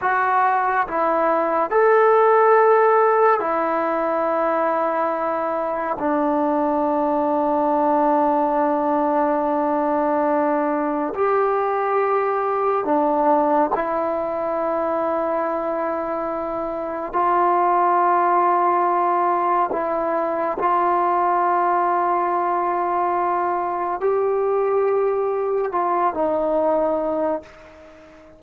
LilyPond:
\new Staff \with { instrumentName = "trombone" } { \time 4/4 \tempo 4 = 70 fis'4 e'4 a'2 | e'2. d'4~ | d'1~ | d'4 g'2 d'4 |
e'1 | f'2. e'4 | f'1 | g'2 f'8 dis'4. | }